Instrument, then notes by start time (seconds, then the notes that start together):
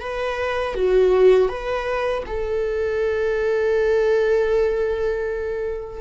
viola
0.00 B4
0.75 F#4
1.48 B4
2.26 A4